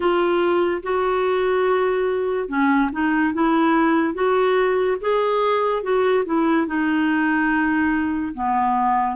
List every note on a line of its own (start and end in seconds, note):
0.00 0.82 F4
0.83 2.48 F#4
2.48 2.90 C#4
2.92 3.33 D#4
3.33 4.14 E4
4.14 4.97 F#4
5.00 5.83 G#4
5.83 6.24 F#4
6.25 6.66 E4
6.66 8.33 D#4
8.34 9.16 B3